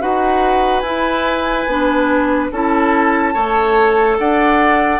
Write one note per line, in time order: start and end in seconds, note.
0.00 0.82 D#4
0.00 0.83 F#4
0.00 2.51 B4
0.00 0.80 F#5
0.80 1.66 E4
0.80 1.67 E4
0.80 2.46 G#5
1.66 2.50 B3
1.66 2.52 D4
2.51 3.34 C#4
2.51 3.34 E4
2.51 3.33 A4
2.51 4.19 A5
3.33 4.18 A3
3.33 5.00 A4
3.33 4.17 C#5
4.18 5.00 D4
4.18 5.00 D5
4.18 5.00 F#5